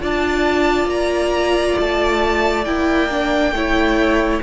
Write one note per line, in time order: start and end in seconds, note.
0.00 0.85 D4
0.00 2.65 F4
0.00 3.53 D5
0.00 0.89 A5
0.85 1.73 A#3
0.85 1.77 A#5
1.79 2.66 A3
1.79 2.64 A5
2.64 3.52 A#3
2.64 3.09 E4
2.64 4.41 G5
3.10 3.54 D4
3.52 4.40 A3
3.52 4.42 E4
3.52 4.42 C#5